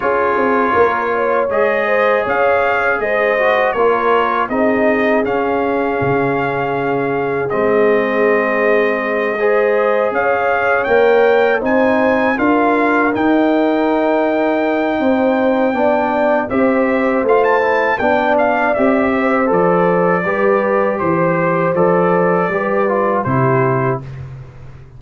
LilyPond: <<
  \new Staff \with { instrumentName = "trumpet" } { \time 4/4 \tempo 4 = 80 cis''2 dis''4 f''4 | dis''4 cis''4 dis''4 f''4~ | f''2 dis''2~ | dis''4. f''4 g''4 gis''8~ |
gis''8 f''4 g''2~ g''8~ | g''2 e''4 f''16 a''8. | g''8 f''8 e''4 d''2 | c''4 d''2 c''4 | }
  \new Staff \with { instrumentName = "horn" } { \time 4/4 gis'4 ais'8 cis''4 c''8 cis''4 | c''4 ais'4 gis'2~ | gis'1~ | gis'8 c''4 cis''2 c''8~ |
c''8 ais'2.~ ais'8 | c''4 d''4 c''2 | d''4. c''4. b'4 | c''2 b'4 g'4 | }
  \new Staff \with { instrumentName = "trombone" } { \time 4/4 f'2 gis'2~ | gis'8 fis'8 f'4 dis'4 cis'4~ | cis'2 c'2~ | c'8 gis'2 ais'4 dis'8~ |
dis'8 f'4 dis'2~ dis'8~ | dis'4 d'4 g'4 f'8 e'8 | d'4 g'4 a'4 g'4~ | g'4 a'4 g'8 f'8 e'4 | }
  \new Staff \with { instrumentName = "tuba" } { \time 4/4 cis'8 c'8 ais4 gis4 cis'4 | gis4 ais4 c'4 cis'4 | cis2 gis2~ | gis4. cis'4 ais4 c'8~ |
c'8 d'4 dis'2~ dis'8 | c'4 b4 c'4 a4 | b4 c'4 f4 g4 | e4 f4 g4 c4 | }
>>